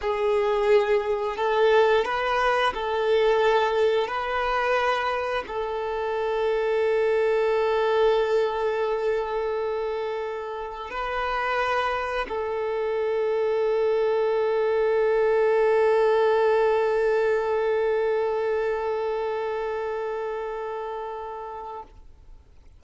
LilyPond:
\new Staff \with { instrumentName = "violin" } { \time 4/4 \tempo 4 = 88 gis'2 a'4 b'4 | a'2 b'2 | a'1~ | a'1 |
b'2 a'2~ | a'1~ | a'1~ | a'1 | }